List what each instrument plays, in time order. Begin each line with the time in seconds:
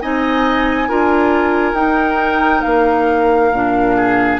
0.00 bassoon C4, clarinet D#4, oboe D#5, flute G#5
0.88 bassoon D4, clarinet F4, oboe A#4
1.73 bassoon D#4, clarinet D#4, flute G5
2.62 bassoon A#3, flute F5
3.51 bassoon A#2, clarinet D4
3.96 oboe G#4